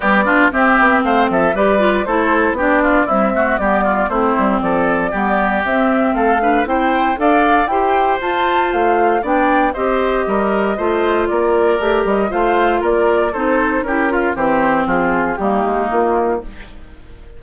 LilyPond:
<<
  \new Staff \with { instrumentName = "flute" } { \time 4/4 \tempo 4 = 117 d''4 e''4 f''8 e''8 d''4 | c''4 d''4 e''4 d''4 | c''4 d''2 e''4 | f''4 g''4 f''4 g''4 |
a''4 f''4 g''4 dis''4~ | dis''2 d''4. dis''8 | f''4 d''4 c''4 ais'4 | c''4 gis'4 g'4 f'4 | }
  \new Staff \with { instrumentName = "oboe" } { \time 4/4 g'8 f'8 g'4 c''8 a'8 b'4 | a'4 g'8 f'8 e'8 fis'8 g'8 f'8 | e'4 a'4 g'2 | a'8 b'8 c''4 d''4 c''4~ |
c''2 d''4 c''4 | ais'4 c''4 ais'2 | c''4 ais'4 a'4 g'8 f'8 | g'4 f'4 dis'2 | }
  \new Staff \with { instrumentName = "clarinet" } { \time 4/4 g8 d'8 c'2 g'8 f'8 | e'4 d'4 g8 a8 b4 | c'2 b4 c'4~ | c'8 d'8 e'4 a'4 g'4 |
f'2 d'4 g'4~ | g'4 f'2 g'4 | f'2 dis'4 e'8 f'8 | c'2 ais2 | }
  \new Staff \with { instrumentName = "bassoon" } { \time 4/4 b4 c'8 b8 a8 f8 g4 | a4 b4 c'4 g4 | a8 g8 f4 g4 c'4 | a4 c'4 d'4 e'4 |
f'4 a4 b4 c'4 | g4 a4 ais4 a8 g8 | a4 ais4 c'4 cis'4 | e4 f4 g8 gis8 ais4 | }
>>